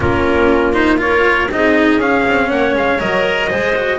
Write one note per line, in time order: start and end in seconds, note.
0.00 1.48 A#3
0.00 0.73 C#4
0.00 1.00 F4
0.00 0.73 A#4
0.73 0.97 D#4
0.73 0.98 C5
0.97 1.47 F4
0.97 1.53 A#4
0.97 1.51 C#5
1.51 1.97 C4
1.51 2.00 D#4
1.51 2.49 G#4
1.51 2.00 D#5
1.97 2.23 C#4
1.97 2.98 C#4
1.97 2.50 F5
2.26 2.50 C4
2.49 2.74 A#3
2.49 3.49 C#5
2.49 2.75 F#5
2.74 2.99 G#3
2.74 3.00 F5
2.98 3.51 F#3
2.98 3.48 A#4
2.98 3.98 D#5
3.49 3.98 G#3
3.49 3.74 G#4
3.49 3.98 C5
3.75 3.98 F#4